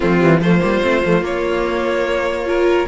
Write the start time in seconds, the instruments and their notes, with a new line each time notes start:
0.00 cello F3, viola A3, violin C4 F4
0.19 cello E3, viola G3
0.40 cello F3, viola A3, violin F4 C5
0.60 cello G3, viola A#3
0.82 cello A3, viola C4
1.03 cello F3, viola A3
1.21 cello A#3, viola A#3, violin C#5
2.46 viola F4, violin A#4